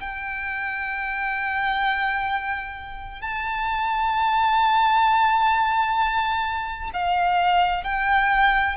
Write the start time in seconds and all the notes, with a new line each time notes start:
0.00 G5
3.22 A5
6.94 F5
7.84 G5